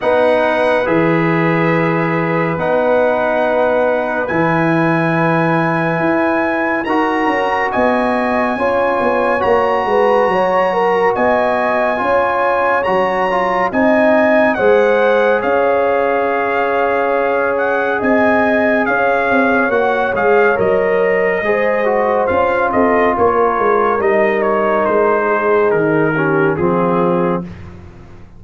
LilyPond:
<<
  \new Staff \with { instrumentName = "trumpet" } { \time 4/4 \tempo 4 = 70 fis''4 e''2 fis''4~ | fis''4 gis''2. | ais''4 gis''2 ais''4~ | ais''4 gis''2 ais''4 |
gis''4 fis''4 f''2~ | f''8 fis''8 gis''4 f''4 fis''8 f''8 | dis''2 f''8 dis''8 cis''4 | dis''8 cis''8 c''4 ais'4 gis'4 | }
  \new Staff \with { instrumentName = "horn" } { \time 4/4 b'1~ | b'1 | ais'4 dis''4 cis''4. b'8 | cis''8 ais'8 dis''4 cis''2 |
dis''4 c''4 cis''2~ | cis''4 dis''4 cis''2~ | cis''4 c''4. a'8 ais'4~ | ais'4. gis'4 g'8 f'4 | }
  \new Staff \with { instrumentName = "trombone" } { \time 4/4 dis'4 gis'2 dis'4~ | dis'4 e'2. | fis'2 f'4 fis'4~ | fis'2 f'4 fis'8 f'8 |
dis'4 gis'2.~ | gis'2. fis'8 gis'8 | ais'4 gis'8 fis'8 f'2 | dis'2~ dis'8 cis'8 c'4 | }
  \new Staff \with { instrumentName = "tuba" } { \time 4/4 b4 e2 b4~ | b4 e2 e'4 | dis'8 cis'8 b4 cis'8 b8 ais8 gis8 | fis4 b4 cis'4 fis4 |
c'4 gis4 cis'2~ | cis'4 c'4 cis'8 c'8 ais8 gis8 | fis4 gis4 cis'8 c'8 ais8 gis8 | g4 gis4 dis4 f4 | }
>>